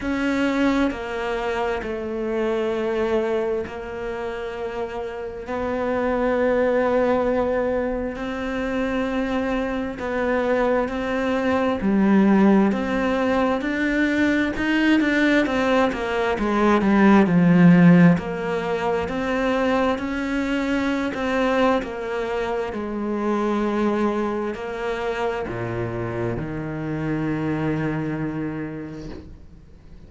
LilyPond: \new Staff \with { instrumentName = "cello" } { \time 4/4 \tempo 4 = 66 cis'4 ais4 a2 | ais2 b2~ | b4 c'2 b4 | c'4 g4 c'4 d'4 |
dis'8 d'8 c'8 ais8 gis8 g8 f4 | ais4 c'4 cis'4~ cis'16 c'8. | ais4 gis2 ais4 | ais,4 dis2. | }